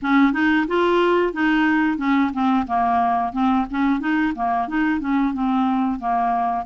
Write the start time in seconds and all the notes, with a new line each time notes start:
0.02 C#4
0.32 D#4
0.67 F4
1.33 D#4
1.97 C#4
2.33 C4
2.66 A#3
3.32 C4
3.70 C#4
4.00 D#4
4.35 A#3
4.68 D#4
5.00 C#4
5.33 C4
5.99 A#3